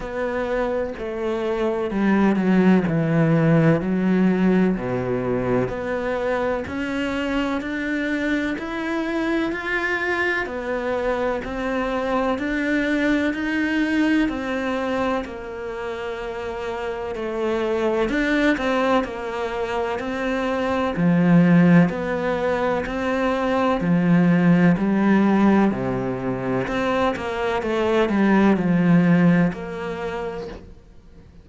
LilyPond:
\new Staff \with { instrumentName = "cello" } { \time 4/4 \tempo 4 = 63 b4 a4 g8 fis8 e4 | fis4 b,4 b4 cis'4 | d'4 e'4 f'4 b4 | c'4 d'4 dis'4 c'4 |
ais2 a4 d'8 c'8 | ais4 c'4 f4 b4 | c'4 f4 g4 c4 | c'8 ais8 a8 g8 f4 ais4 | }